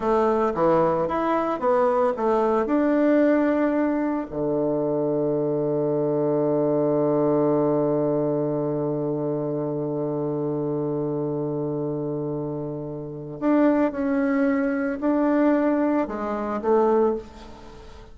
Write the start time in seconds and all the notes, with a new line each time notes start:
0.00 A3
0.54 E3
1.08 E4
1.59 B3
2.16 A3
2.66 D4
4.30 D3
13.40 D4
13.91 C#4
15.00 D4
16.07 G#3
16.61 A3